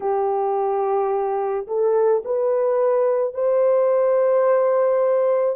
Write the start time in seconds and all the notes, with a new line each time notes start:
0.00 G4
1.67 A4
2.24 B4
3.34 C5